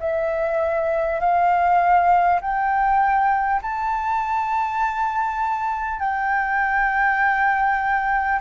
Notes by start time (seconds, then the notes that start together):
0.00 E5
1.21 F5
2.41 G5
3.62 A5
5.99 G5